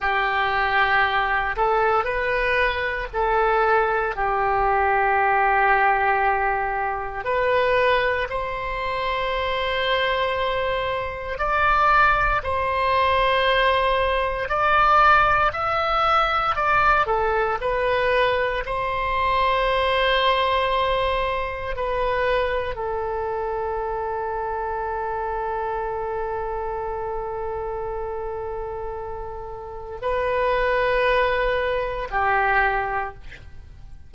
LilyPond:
\new Staff \with { instrumentName = "oboe" } { \time 4/4 \tempo 4 = 58 g'4. a'8 b'4 a'4 | g'2. b'4 | c''2. d''4 | c''2 d''4 e''4 |
d''8 a'8 b'4 c''2~ | c''4 b'4 a'2~ | a'1~ | a'4 b'2 g'4 | }